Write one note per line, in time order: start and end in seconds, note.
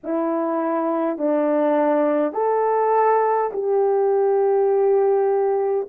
0.03 1.18 E4
1.18 2.33 D4
2.33 3.50 A4
3.52 5.88 G4